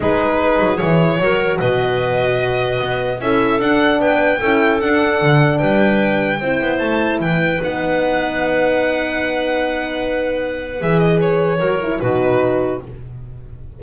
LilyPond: <<
  \new Staff \with { instrumentName = "violin" } { \time 4/4 \tempo 4 = 150 b'2 cis''2 | dis''1 | e''4 fis''4 g''2 | fis''2 g''2~ |
g''4 a''4 g''4 fis''4~ | fis''1~ | fis''2. e''8 dis''8 | cis''2 b'2 | }
  \new Staff \with { instrumentName = "clarinet" } { \time 4/4 gis'2. ais'4 | b'1 | a'2 b'4 a'4~ | a'2 b'2 |
c''2 b'2~ | b'1~ | b'1~ | b'4 ais'4 fis'2 | }
  \new Staff \with { instrumentName = "horn" } { \time 4/4 dis'2 e'4 fis'4~ | fis'1 | e'4 d'2 e'4 | d'1 |
e'2. dis'4~ | dis'1~ | dis'2. gis'4~ | gis'4 fis'8 e'8 dis'2 | }
  \new Staff \with { instrumentName = "double bass" } { \time 4/4 gis4. fis8 e4 fis4 | b,2. b4 | cis'4 d'4 b4 cis'4 | d'4 d4 g2 |
c'8 b8 a4 e4 b4~ | b1~ | b2. e4~ | e4 fis4 b,2 | }
>>